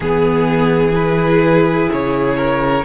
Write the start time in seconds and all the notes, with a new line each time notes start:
0.00 E3 B3 G#4
0.92 E4 B4
1.92 C#3 C#5
2.37 A#4